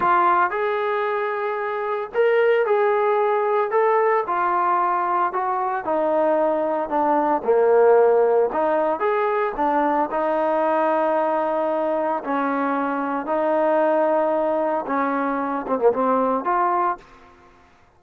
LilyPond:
\new Staff \with { instrumentName = "trombone" } { \time 4/4 \tempo 4 = 113 f'4 gis'2. | ais'4 gis'2 a'4 | f'2 fis'4 dis'4~ | dis'4 d'4 ais2 |
dis'4 gis'4 d'4 dis'4~ | dis'2. cis'4~ | cis'4 dis'2. | cis'4. c'16 ais16 c'4 f'4 | }